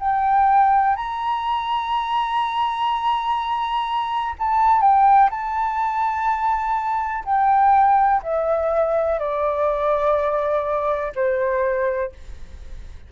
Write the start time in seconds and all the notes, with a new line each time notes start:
0.00 G5
0.97 A#5
4.39 A5
4.82 G5
5.31 A5
7.25 G5
8.23 E5
9.19 D5
11.16 C5